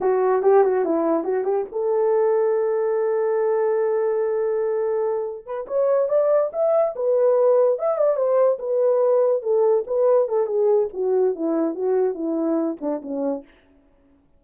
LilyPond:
\new Staff \with { instrumentName = "horn" } { \time 4/4 \tempo 4 = 143 fis'4 g'8 fis'8 e'4 fis'8 g'8 | a'1~ | a'1~ | a'4 b'8 cis''4 d''4 e''8~ |
e''8 b'2 e''8 d''8 c''8~ | c''8 b'2 a'4 b'8~ | b'8 a'8 gis'4 fis'4 e'4 | fis'4 e'4. d'8 cis'4 | }